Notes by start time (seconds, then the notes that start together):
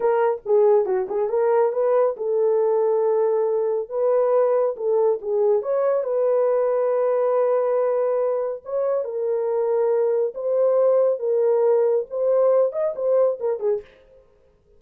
0.00 A#4
0.45 G#4
0.85 F#4
1.08 G#4
1.29 A#4
1.72 B4
2.16 A4
3.89 B4
4.76 A4
5.21 G#4
5.62 C#5
6.03 B4
8.64 C#5
9.04 A#4
10.34 C5
11.19 A#4
12.10 C5
12.72 D#5
12.95 C5
13.40 A#4
13.59 G#4